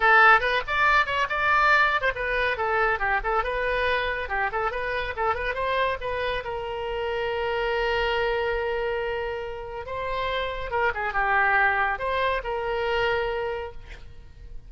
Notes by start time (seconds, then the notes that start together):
0.00 A4
0.40 B4
0.67 D5
1.06 C#5
1.29 D5
2.01 C5
2.15 B4
2.57 A4
2.99 G4
3.23 A4
3.43 B4
4.28 G4
4.52 A4
4.71 B4
5.16 A4
5.34 B4
5.54 C5
6.01 B4
6.44 A#4
9.86 C5
10.70 A#4
10.94 G#4
11.13 G4
11.98 C5
12.43 A#4